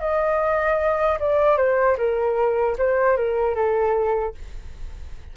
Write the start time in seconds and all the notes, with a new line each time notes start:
0.00 D#5
1.19 D5
1.57 C5
1.97 A#4
2.78 C5
3.17 A#4
3.55 A4